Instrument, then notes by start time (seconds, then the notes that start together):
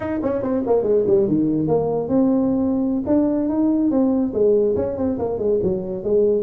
tuba
0.00 D#4
0.22 C#4
0.42 C4
0.66 A#3
0.82 G#3
1.06 G3
1.27 D#3
1.67 A#3
2.08 C4
3.06 D4
3.48 D#4
3.90 C4
4.33 G#3
4.76 C#4
4.97 C4
5.18 A#3
5.38 G#3
5.63 F#3
6.03 G#3